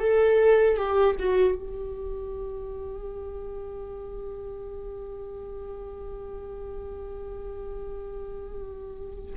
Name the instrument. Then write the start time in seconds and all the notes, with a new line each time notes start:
viola
0.00 A4
0.77 G4
1.19 F#4
1.55 G4